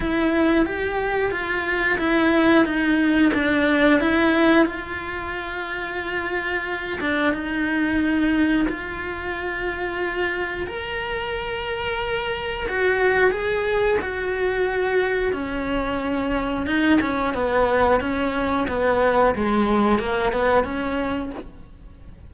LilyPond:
\new Staff \with { instrumentName = "cello" } { \time 4/4 \tempo 4 = 90 e'4 g'4 f'4 e'4 | dis'4 d'4 e'4 f'4~ | f'2~ f'8 d'8 dis'4~ | dis'4 f'2. |
ais'2. fis'4 | gis'4 fis'2 cis'4~ | cis'4 dis'8 cis'8 b4 cis'4 | b4 gis4 ais8 b8 cis'4 | }